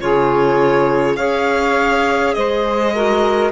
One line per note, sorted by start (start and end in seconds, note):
0.00 1.18 C#3
0.00 1.17 F4
0.00 1.16 G#4
0.00 1.16 C#5
1.16 2.36 C#4
1.16 2.93 G#4
1.16 2.34 C#5
1.16 2.33 F5
2.33 3.51 G#3
2.33 2.93 C5
2.33 3.51 D#5
2.93 3.51 F#4
2.93 3.51 A#4